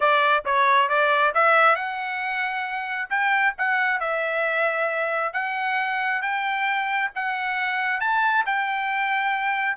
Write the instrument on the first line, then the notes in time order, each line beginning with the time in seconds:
trumpet
0.00 D5
0.45 C#5
0.88 D5
1.34 E5
1.75 F#5
3.09 G5
3.58 F#5
4.00 E5
5.33 F#5
6.22 G5
7.15 F#5
8.00 A5
8.46 G5